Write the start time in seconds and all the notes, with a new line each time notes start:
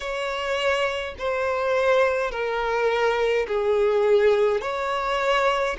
0.00 C#5
1.18 C5
2.31 A#4
3.47 G#4
4.61 C#5